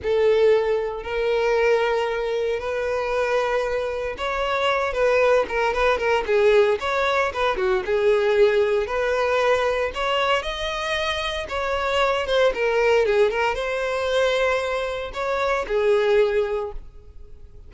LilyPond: \new Staff \with { instrumentName = "violin" } { \time 4/4 \tempo 4 = 115 a'2 ais'2~ | ais'4 b'2. | cis''4. b'4 ais'8 b'8 ais'8 | gis'4 cis''4 b'8 fis'8 gis'4~ |
gis'4 b'2 cis''4 | dis''2 cis''4. c''8 | ais'4 gis'8 ais'8 c''2~ | c''4 cis''4 gis'2 | }